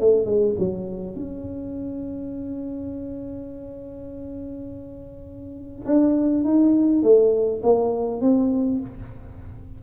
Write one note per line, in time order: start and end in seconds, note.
0.00 0.26 A3
0.26 0.55 G#3
0.59 1.16 F#3
1.16 5.85 C#4
5.85 6.44 D4
6.44 7.03 D#4
7.03 7.62 A3
7.63 8.21 A#3
8.21 8.80 C4